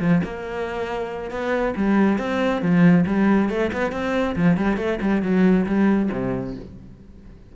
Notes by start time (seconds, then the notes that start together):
0.00 F3
0.24 A#3
1.31 B3
1.76 G3
2.18 C4
2.62 F3
3.06 G3
3.50 A3
3.73 B3
3.92 C4
4.36 F3
4.57 G3
4.77 A3
5.01 G3
5.22 F#3
5.66 G3
6.12 C3